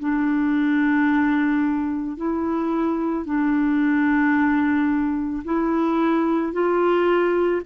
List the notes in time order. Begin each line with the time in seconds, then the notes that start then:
0.00 D4
2.17 E4
3.25 D4
5.45 E4
6.53 F4